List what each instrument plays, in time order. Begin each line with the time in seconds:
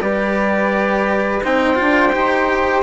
0.00 bassoon G3, cello G4, flute B4, trumpet D5
1.43 bassoon C4, cello D#4, flute C5, trumpet G5
1.75 bassoon D4, cello F4
2.13 bassoon D#4, cello G4